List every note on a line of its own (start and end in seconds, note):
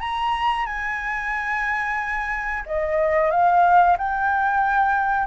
0.00 0.66 A#5
0.66 2.64 G#5
2.66 3.31 D#5
3.31 3.97 F5
3.98 5.27 G5